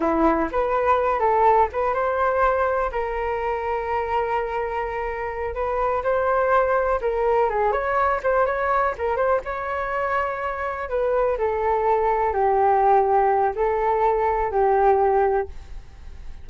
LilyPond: \new Staff \with { instrumentName = "flute" } { \time 4/4 \tempo 4 = 124 e'4 b'4. a'4 b'8 | c''2 ais'2~ | ais'2.~ ais'8 b'8~ | b'8 c''2 ais'4 gis'8 |
cis''4 c''8 cis''4 ais'8 c''8 cis''8~ | cis''2~ cis''8 b'4 a'8~ | a'4. g'2~ g'8 | a'2 g'2 | }